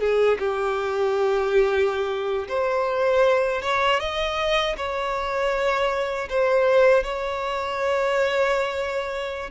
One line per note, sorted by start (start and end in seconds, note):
0.00 0.38 G#4
0.39 2.48 G4
2.49 3.62 C5
3.62 4.00 C#5
4.00 4.76 D#5
4.77 6.29 C#5
6.30 7.04 C5
7.04 9.50 C#5